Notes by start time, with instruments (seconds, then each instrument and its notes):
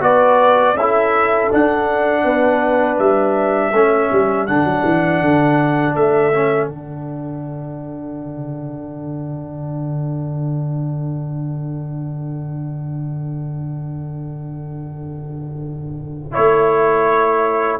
0.00 tuba B3, trombone F#4, horn B4, trumpet D5
0.74 tuba C#4, horn A4, trumpet E5
0.80 trombone E4
1.50 trombone D4, tuba D4, trumpet F#5
2.23 tuba B3, horn B4
2.98 tuba G3, trumpet E5
3.72 tuba A3, trombone C#4, horn A4
4.12 tuba G3
4.47 tuba D3, trombone D4, trumpet F#5
4.64 tuba F#3
4.84 tuba E3
5.20 tuba D3
5.95 tuba A3, trumpet E5
6.33 trombone C#4
6.67 tuba D3, trombone D4, trumpet F#5
16.31 tuba A3, trombone E4, trumpet C#5